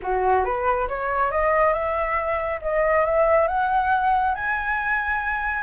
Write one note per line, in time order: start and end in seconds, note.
0.02 0.44 F#4
0.44 0.88 B4
0.88 1.31 C#5
1.31 1.73 D#5
1.73 2.60 E5
2.61 3.05 D#5
3.05 3.47 E5
3.47 4.34 F#5
4.34 5.63 G#5